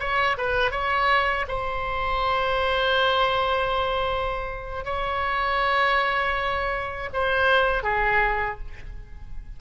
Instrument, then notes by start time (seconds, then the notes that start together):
oboe
0.00 C#5
0.38 B4
0.72 C#5
1.48 C5
4.85 C#5
7.14 C5
7.84 G#4